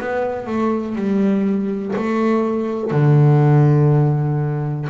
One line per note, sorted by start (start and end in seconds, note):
0.00 0.47 B3
0.47 0.96 A3
0.96 1.94 G3
1.96 2.92 A3
2.92 4.88 D3